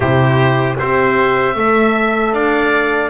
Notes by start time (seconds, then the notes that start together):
0.00 C3 E4 G4 C5
0.78 C4 G4 C5 E5
1.55 A3 A4 E5
2.32 D4 D5 F5